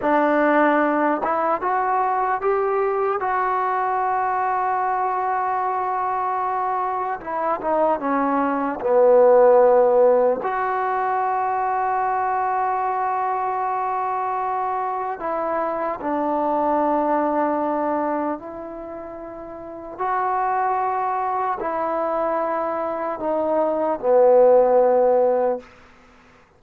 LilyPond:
\new Staff \with { instrumentName = "trombone" } { \time 4/4 \tempo 4 = 75 d'4. e'8 fis'4 g'4 | fis'1~ | fis'4 e'8 dis'8 cis'4 b4~ | b4 fis'2.~ |
fis'2. e'4 | d'2. e'4~ | e'4 fis'2 e'4~ | e'4 dis'4 b2 | }